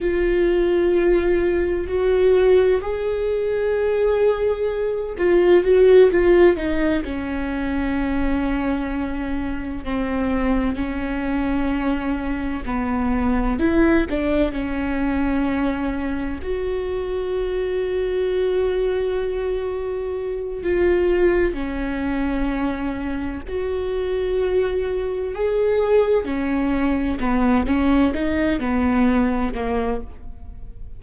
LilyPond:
\new Staff \with { instrumentName = "viola" } { \time 4/4 \tempo 4 = 64 f'2 fis'4 gis'4~ | gis'4. f'8 fis'8 f'8 dis'8 cis'8~ | cis'2~ cis'8 c'4 cis'8~ | cis'4. b4 e'8 d'8 cis'8~ |
cis'4. fis'2~ fis'8~ | fis'2 f'4 cis'4~ | cis'4 fis'2 gis'4 | cis'4 b8 cis'8 dis'8 b4 ais8 | }